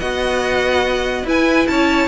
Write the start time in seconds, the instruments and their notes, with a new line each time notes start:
0.00 cello B3, viola F#4, violin D#5 F#5
1.24 cello E4, viola E4, violin B4 G#5
1.67 cello C#4, violin C#5 A5